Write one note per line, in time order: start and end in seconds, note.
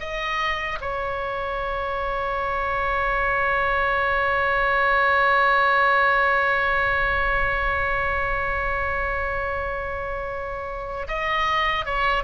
0.00 0.79 D#5
0.81 11.07 C#5
11.08 11.86 D#5
11.86 12.24 C#5